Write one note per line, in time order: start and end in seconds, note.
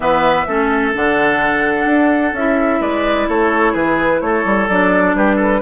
0.00 0.45 E3
0.00 0.46 B3
0.00 0.47 B4
0.00 0.92 E5
0.47 0.94 A3
0.47 0.93 C#4
0.47 2.80 A4
0.93 1.85 D3
0.93 2.33 D4
0.93 2.35 F#5
1.85 2.32 D4
2.32 2.79 C#4
2.32 4.69 E4
2.32 2.81 E5
2.80 3.27 G#3
2.80 3.27 B4
2.80 3.28 D5
3.28 3.74 A3
3.28 3.72 A4
3.28 3.74 C#5
3.72 4.21 E3
3.72 4.19 G#4
3.72 4.21 B4
4.21 4.44 A3
4.21 5.16 A4
4.21 4.68 C#5
4.45 4.68 G3
4.68 5.14 F#3
4.68 5.62 D4
4.68 5.15 D5
5.14 5.61 G3
5.14 5.35 G4
5.14 5.62 B4
5.35 5.59 A4